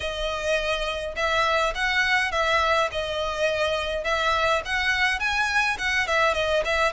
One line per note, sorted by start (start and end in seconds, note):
0.00 1.15 D#5
1.16 1.73 E5
1.74 2.31 F#5
2.31 2.89 E5
2.91 4.04 D#5
4.04 4.62 E5
4.65 5.19 F#5
5.19 5.77 G#5
5.78 6.07 F#5
6.07 6.34 E5
6.34 6.63 D#5
6.65 6.92 E5